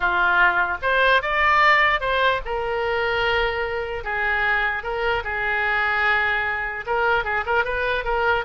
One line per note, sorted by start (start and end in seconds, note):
0.00 0.77 F4
0.82 1.22 C5
1.22 2.00 D5
2.00 2.40 C5
2.45 4.04 A#4
4.04 4.83 G#4
4.83 5.23 A#4
5.24 6.85 G#4
6.86 7.24 A#4
7.24 7.44 G#4
7.46 7.64 A#4
7.64 8.04 B4
8.04 8.44 A#4